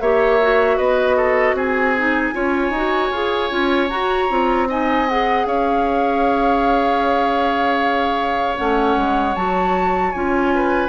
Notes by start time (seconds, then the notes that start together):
0.00 A#3 G4 C#5 E5
0.42 F#4
0.77 B3 B4 D#5
1.16 A4
1.53 C4 G#4 G#5
1.97 D#4
2.33 C#4 F4 C#5
2.70 D#4 F#4
3.11 F4 G#4
3.50 C#4 F4
3.89 F#4 A#5
4.29 C4 F4
4.69 D#4 D#5 G#5
5.09 G#4 F#5
5.45 C#4 C#5 F5
8.57 A3 C#4 F#5
8.96 G#3
9.35 F#3 F#4 A5
10.12 C#4 F4 G#5
10.55 B4